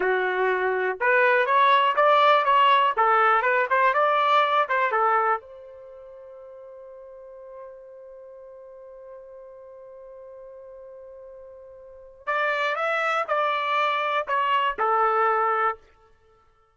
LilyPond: \new Staff \with { instrumentName = "trumpet" } { \time 4/4 \tempo 4 = 122 fis'2 b'4 cis''4 | d''4 cis''4 a'4 b'8 c''8 | d''4. c''8 a'4 c''4~ | c''1~ |
c''1~ | c''1~ | c''4 d''4 e''4 d''4~ | d''4 cis''4 a'2 | }